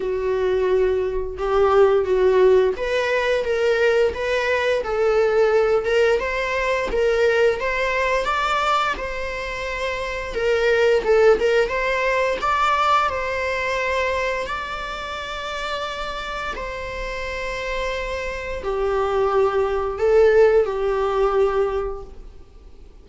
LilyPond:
\new Staff \with { instrumentName = "viola" } { \time 4/4 \tempo 4 = 87 fis'2 g'4 fis'4 | b'4 ais'4 b'4 a'4~ | a'8 ais'8 c''4 ais'4 c''4 | d''4 c''2 ais'4 |
a'8 ais'8 c''4 d''4 c''4~ | c''4 d''2. | c''2. g'4~ | g'4 a'4 g'2 | }